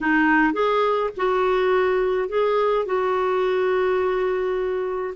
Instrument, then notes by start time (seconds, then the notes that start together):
clarinet
0.01 D#4
0.53 G#4
1.16 F#4
2.28 G#4
2.85 F#4